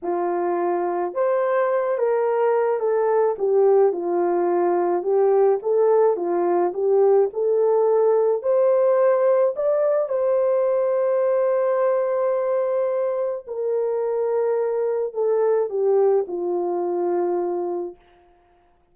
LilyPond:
\new Staff \with { instrumentName = "horn" } { \time 4/4 \tempo 4 = 107 f'2 c''4. ais'8~ | ais'4 a'4 g'4 f'4~ | f'4 g'4 a'4 f'4 | g'4 a'2 c''4~ |
c''4 d''4 c''2~ | c''1 | ais'2. a'4 | g'4 f'2. | }